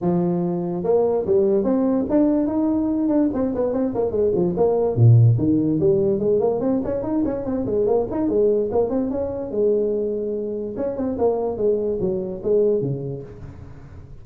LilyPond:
\new Staff \with { instrumentName = "tuba" } { \time 4/4 \tempo 4 = 145 f2 ais4 g4 | c'4 d'4 dis'4. d'8 | c'8 b8 c'8 ais8 gis8 f8 ais4 | ais,4 dis4 g4 gis8 ais8 |
c'8 cis'8 dis'8 cis'8 c'8 gis8 ais8 dis'8 | gis4 ais8 c'8 cis'4 gis4~ | gis2 cis'8 c'8 ais4 | gis4 fis4 gis4 cis4 | }